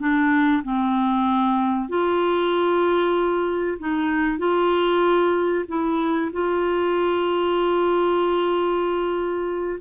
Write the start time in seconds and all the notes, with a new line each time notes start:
0.00 D4
0.64 C4
1.89 F4
3.79 D#4
4.39 F4
5.69 E4
6.33 F4